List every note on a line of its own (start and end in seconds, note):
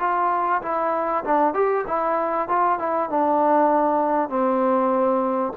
0.00 0.62 F4
0.62 1.24 E4
1.25 1.54 D4
1.54 1.85 G4
1.88 2.49 E4
2.49 2.79 F4
2.79 3.10 E4
3.10 4.30 D4
4.30 5.53 C4